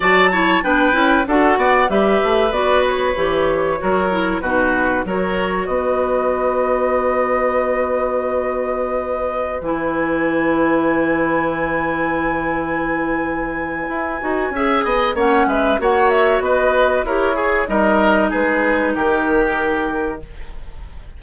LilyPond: <<
  \new Staff \with { instrumentName = "flute" } { \time 4/4 \tempo 4 = 95 a''4 g''4 fis''4 e''4 | d''8 cis''2~ cis''8 b'4 | cis''4 dis''2.~ | dis''2.~ dis''16 gis''8.~ |
gis''1~ | gis''1 | fis''8 e''8 fis''8 e''8 dis''4 cis''4 | dis''4 b'4 ais'2 | }
  \new Staff \with { instrumentName = "oboe" } { \time 4/4 d''8 cis''8 b'4 a'8 d''8 b'4~ | b'2 ais'4 fis'4 | ais'4 b'2.~ | b'1~ |
b'1~ | b'2. e''8 dis''8 | cis''8 b'8 cis''4 b'4 ais'8 gis'8 | ais'4 gis'4 g'2 | }
  \new Staff \with { instrumentName = "clarinet" } { \time 4/4 fis'8 e'8 d'8 e'8 fis'4 g'4 | fis'4 g'4 fis'8 e'8 dis'4 | fis'1~ | fis'2.~ fis'16 e'8.~ |
e'1~ | e'2~ e'8 fis'8 gis'4 | cis'4 fis'2 g'8 gis'8 | dis'1 | }
  \new Staff \with { instrumentName = "bassoon" } { \time 4/4 fis4 b8 cis'8 d'8 b8 g8 a8 | b4 e4 fis4 b,4 | fis4 b2.~ | b2.~ b16 e8.~ |
e1~ | e2 e'8 dis'8 cis'8 b8 | ais8 gis8 ais4 b4 e'4 | g4 gis4 dis2 | }
>>